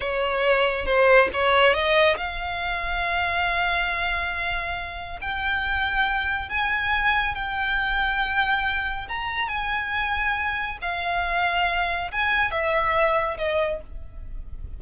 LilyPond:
\new Staff \with { instrumentName = "violin" } { \time 4/4 \tempo 4 = 139 cis''2 c''4 cis''4 | dis''4 f''2.~ | f''1 | g''2. gis''4~ |
gis''4 g''2.~ | g''4 ais''4 gis''2~ | gis''4 f''2. | gis''4 e''2 dis''4 | }